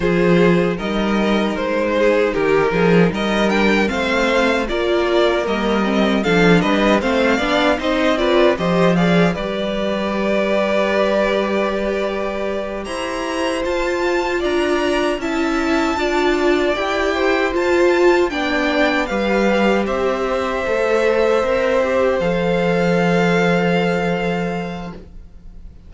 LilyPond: <<
  \new Staff \with { instrumentName = "violin" } { \time 4/4 \tempo 4 = 77 c''4 dis''4 c''4 ais'4 | dis''8 g''8 f''4 d''4 dis''4 | f''8 dis''8 f''4 dis''8 d''8 dis''8 f''8 | d''1~ |
d''8 ais''4 a''4 ais''4 a''8~ | a''4. g''4 a''4 g''8~ | g''8 f''4 e''2~ e''8~ | e''8 f''2.~ f''8 | }
  \new Staff \with { instrumentName = "violin" } { \time 4/4 gis'4 ais'4. gis'8 g'8 gis'8 | ais'4 c''4 ais'2 | a'8 b'8 c''8 d''8 c''8 b'8 c''8 d''8 | b'1~ |
b'8 c''2 d''4 e''8~ | e''8 d''4. c''4. d''8~ | d''8 b'4 c''2~ c''8~ | c''1 | }
  \new Staff \with { instrumentName = "viola" } { \time 4/4 f'4 dis'2.~ | dis'8 d'8 c'4 f'4 ais8 c'8 | d'4 c'8 d'8 dis'8 f'8 g'8 gis'8 | g'1~ |
g'4. f'2 e'8~ | e'8 f'4 g'4 f'4 d'8~ | d'8 g'2 a'4 ais'8 | g'8 a'2.~ a'8 | }
  \new Staff \with { instrumentName = "cello" } { \time 4/4 f4 g4 gis4 dis8 f8 | g4 a4 ais4 g4 | f8 g8 a8 b8 c'4 f4 | g1~ |
g8 e'4 f'4 d'4 cis'8~ | cis'8 d'4 e'4 f'4 b8~ | b8 g4 c'4 a4 c'8~ | c'8 f2.~ f8 | }
>>